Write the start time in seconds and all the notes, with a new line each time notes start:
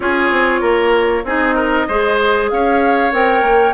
0.00 C#4 F4 G#4 C#5
0.30 C4
0.60 A#3 A#4
1.24 C4 D#4 G#4 D#5
1.55 A#4
1.88 G#3 G#4 C5
2.49 C#4 C#5 F5
3.12 C4 A#4 G5
3.42 A#3